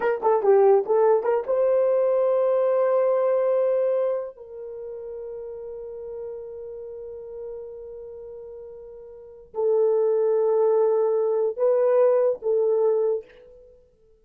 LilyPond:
\new Staff \with { instrumentName = "horn" } { \time 4/4 \tempo 4 = 145 ais'8 a'8 g'4 a'4 ais'8 c''8~ | c''1~ | c''2~ c''8 ais'4.~ | ais'1~ |
ais'1~ | ais'2. a'4~ | a'1 | b'2 a'2 | }